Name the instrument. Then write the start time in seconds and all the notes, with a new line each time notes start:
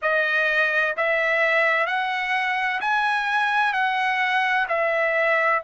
trumpet
0.02 D#5
0.96 E5
1.86 F#5
2.80 G#5
3.73 F#5
4.68 E5